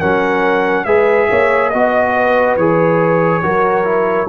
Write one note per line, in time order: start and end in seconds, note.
0.00 0.86 F#3
0.00 0.87 C#4
0.00 0.86 A#4
0.00 0.85 F#5
0.85 1.29 G#3
0.85 1.72 G#4
0.85 1.29 B4
0.85 1.70 E5
1.30 1.74 A#3
1.30 1.71 C#5
1.70 2.57 B3
1.70 2.60 F#4
1.70 2.56 D#5
1.70 2.14 D#5
2.17 3.44 B4
2.57 3.43 E3
2.57 3.43 G#4
2.57 4.29 C#5
3.43 4.29 F#3
3.43 3.85 F#4
3.43 4.29 A#4
3.85 4.27 E4